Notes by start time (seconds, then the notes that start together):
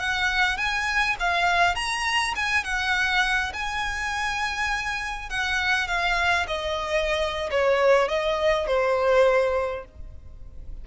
0.00 F#5
0.58 G#5
1.20 F5
1.76 A#5
2.36 G#5
2.65 F#5
3.54 G#5
5.30 F#5
5.88 F5
6.48 D#5
7.51 C#5
8.09 D#5
8.68 C5